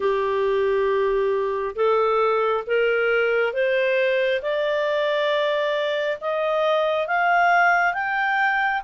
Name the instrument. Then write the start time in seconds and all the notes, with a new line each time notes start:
clarinet
0.00 G4
1.75 A4
2.67 A#4
3.53 C5
4.42 D5
6.20 D#5
7.07 F5
7.93 G5